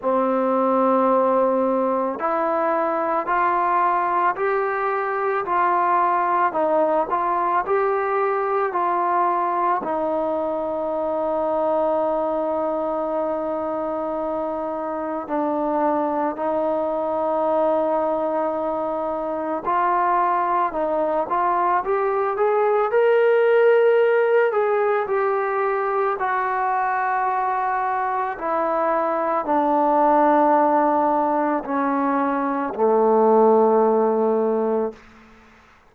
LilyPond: \new Staff \with { instrumentName = "trombone" } { \time 4/4 \tempo 4 = 55 c'2 e'4 f'4 | g'4 f'4 dis'8 f'8 g'4 | f'4 dis'2.~ | dis'2 d'4 dis'4~ |
dis'2 f'4 dis'8 f'8 | g'8 gis'8 ais'4. gis'8 g'4 | fis'2 e'4 d'4~ | d'4 cis'4 a2 | }